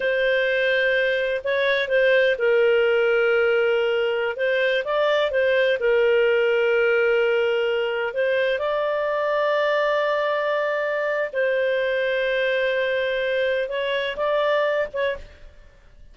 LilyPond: \new Staff \with { instrumentName = "clarinet" } { \time 4/4 \tempo 4 = 127 c''2. cis''4 | c''4 ais'2.~ | ais'4~ ais'16 c''4 d''4 c''8.~ | c''16 ais'2.~ ais'8.~ |
ais'4~ ais'16 c''4 d''4.~ d''16~ | d''1 | c''1~ | c''4 cis''4 d''4. cis''8 | }